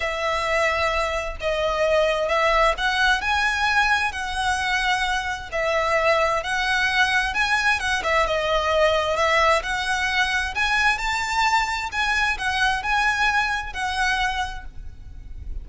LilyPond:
\new Staff \with { instrumentName = "violin" } { \time 4/4 \tempo 4 = 131 e''2. dis''4~ | dis''4 e''4 fis''4 gis''4~ | gis''4 fis''2. | e''2 fis''2 |
gis''4 fis''8 e''8 dis''2 | e''4 fis''2 gis''4 | a''2 gis''4 fis''4 | gis''2 fis''2 | }